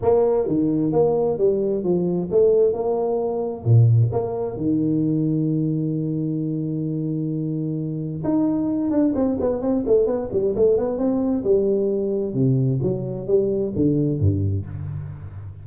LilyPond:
\new Staff \with { instrumentName = "tuba" } { \time 4/4 \tempo 4 = 131 ais4 dis4 ais4 g4 | f4 a4 ais2 | ais,4 ais4 dis2~ | dis1~ |
dis2 dis'4. d'8 | c'8 b8 c'8 a8 b8 g8 a8 b8 | c'4 g2 c4 | fis4 g4 d4 g,4 | }